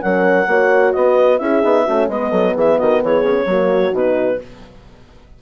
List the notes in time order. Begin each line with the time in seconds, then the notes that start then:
0.00 F#3 C#4 A#4 F#5
0.47 A#3 F#4 C#5
0.93 B3 B4 D#5
1.38 C#4 E4 G#4 E5
1.62 B3 D#4
1.85 A3 C#4 F#4
2.08 G#3 B3 B4 D#5
2.30 F#3 A4
2.55 E3 G#4 E5
2.79 D#3 F#4 D#5
3.03 E3 G#4 C#5
3.22 C#3
3.45 F#3 A#3 F#4
3.92 B2 D#4 B4